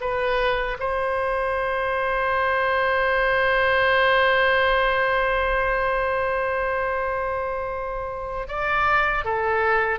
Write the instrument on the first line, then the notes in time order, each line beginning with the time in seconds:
oboe
0.00 B4
0.79 C5
8.48 D5
9.24 A4